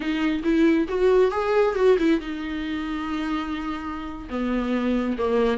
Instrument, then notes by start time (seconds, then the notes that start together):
viola
0.00 D#4
0.43 E4
0.88 F#4
1.31 G#4
1.75 F#4
1.98 E4
2.20 D#4
4.29 B3
5.18 A#3